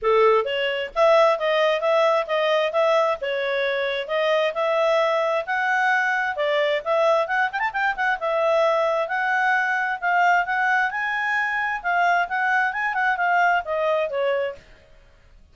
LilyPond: \new Staff \with { instrumentName = "clarinet" } { \time 4/4 \tempo 4 = 132 a'4 cis''4 e''4 dis''4 | e''4 dis''4 e''4 cis''4~ | cis''4 dis''4 e''2 | fis''2 d''4 e''4 |
fis''8 g''16 a''16 g''8 fis''8 e''2 | fis''2 f''4 fis''4 | gis''2 f''4 fis''4 | gis''8 fis''8 f''4 dis''4 cis''4 | }